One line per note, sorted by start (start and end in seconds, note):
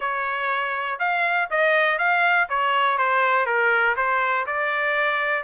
0.00 0.99 C#5
0.99 1.49 F5
1.50 1.98 D#5
1.98 2.48 F5
2.49 2.98 C#5
2.98 3.46 C5
3.46 3.95 A#4
3.96 4.46 C5
4.46 5.43 D5